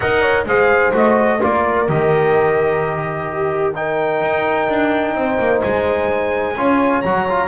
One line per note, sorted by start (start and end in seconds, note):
0.00 0.45 D#4
0.00 0.46 A#4
0.00 0.21 D#5
0.00 0.44 F#5
0.21 0.45 C#5
0.45 0.92 G#3
0.45 0.92 G#4
0.45 1.40 C5
0.45 0.94 F5
0.92 1.40 A3
0.92 1.39 F#4
0.92 1.43 D#5
1.40 1.88 A#3
1.40 1.87 F4
1.40 3.27 A#4
1.40 1.89 D5
1.87 4.21 D#3
1.87 3.74 G4
1.87 3.75 D#5
3.28 3.75 G4
3.74 6.55 D#4
3.74 5.18 A#4
3.74 5.62 G5
4.21 4.68 D#4
4.69 5.14 D4
5.14 5.38 C4
5.14 6.58 C5
5.38 5.62 A#3
5.62 6.56 G#3
5.62 7.01 G#5
6.56 7.03 C#4
6.56 7.04 F4
6.56 7.47 C#5
7.01 7.47 F#3
7.01 7.28 F#4
7.01 7.47 A#5
7.29 7.47 F4